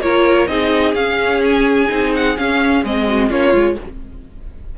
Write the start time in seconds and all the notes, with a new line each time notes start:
0.00 A#3 F4 A#4 C#5
0.47 C4 D#4 G#4 D#5
0.94 C#4 F5
1.44 G#5
1.88 C4 D#4
2.15 F#5
2.37 C#4 F5
2.84 G#3 C4 D#5
3.06 F#4
3.29 A#3 C#4 F4 C#5
3.53 G#3 F4